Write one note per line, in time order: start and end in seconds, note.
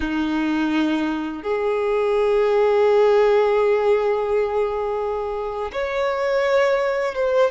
0.00 1.42 D#4
1.42 5.71 G#4
5.72 7.15 C#5
7.15 7.50 C5